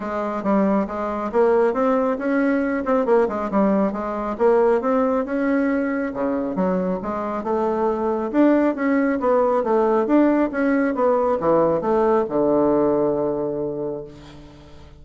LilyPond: \new Staff \with { instrumentName = "bassoon" } { \time 4/4 \tempo 4 = 137 gis4 g4 gis4 ais4 | c'4 cis'4. c'8 ais8 gis8 | g4 gis4 ais4 c'4 | cis'2 cis4 fis4 |
gis4 a2 d'4 | cis'4 b4 a4 d'4 | cis'4 b4 e4 a4 | d1 | }